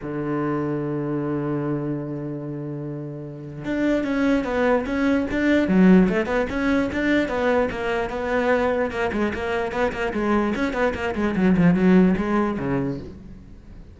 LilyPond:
\new Staff \with { instrumentName = "cello" } { \time 4/4 \tempo 4 = 148 d1~ | d1~ | d4 d'4 cis'4 b4 | cis'4 d'4 fis4 a8 b8 |
cis'4 d'4 b4 ais4 | b2 ais8 gis8 ais4 | b8 ais8 gis4 cis'8 b8 ais8 gis8 | fis8 f8 fis4 gis4 cis4 | }